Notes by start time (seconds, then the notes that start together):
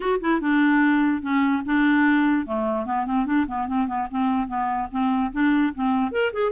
0.00 F#4
0.20 E4
0.41 D4
1.22 C#4
1.65 D4
2.46 A3
2.85 B3
3.06 C4
3.26 D4
3.47 B3
3.67 C4
3.87 B3
4.10 C4
4.47 B3
4.91 C4
5.32 D4
5.74 C4
6.11 A#4
6.32 G#4